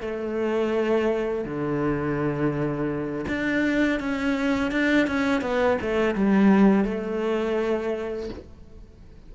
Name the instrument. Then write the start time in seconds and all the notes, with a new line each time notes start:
cello
0.00 A3
1.44 D3
3.28 D4
4.00 C#4
4.71 D4
5.07 C#4
5.41 B3
5.81 A3
6.14 G3
6.84 A3